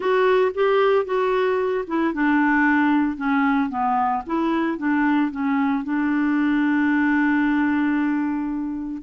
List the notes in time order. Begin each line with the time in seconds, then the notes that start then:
0.00 F#4
0.54 G4
1.05 F#4
1.87 E4
2.13 D4
3.16 C#4
3.69 B3
4.26 E4
4.78 D4
5.31 C#4
5.83 D4